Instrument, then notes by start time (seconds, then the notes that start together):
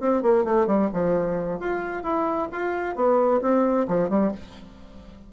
bassoon
0.00 C4
0.23 A#3
0.45 A3
0.67 G3
0.93 F3
1.60 F4
2.03 E4
2.52 F4
2.96 B3
3.42 C4
3.88 F3
4.09 G3